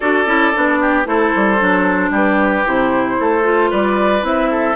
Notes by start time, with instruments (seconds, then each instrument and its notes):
0.00 bassoon D4, clarinet F#4, oboe A4, flute D5
0.25 bassoon C#4, clarinet E4
0.54 bassoon B3, clarinet D4
0.80 oboe G4
1.04 bassoon A3, clarinet E4, oboe A4, flute C5
1.35 bassoon G3
1.59 bassoon F#3, clarinet D4
2.10 bassoon G3, oboe G4, flute B4
2.65 bassoon C3, clarinet E4, flute C5
3.19 bassoon A3, oboe A4
3.42 clarinet F4
3.70 bassoon G3, oboe B4, flute D5
4.21 bassoon C4, clarinet E4, flute E5
4.50 oboe A4